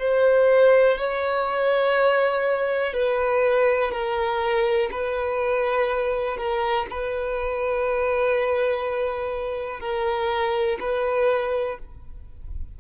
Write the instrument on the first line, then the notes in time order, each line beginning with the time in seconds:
violin
0.00 C5
0.98 C#5
2.93 B4
3.92 A#4
4.91 B4
6.38 A#4
6.90 B4
9.80 A#4
10.80 B4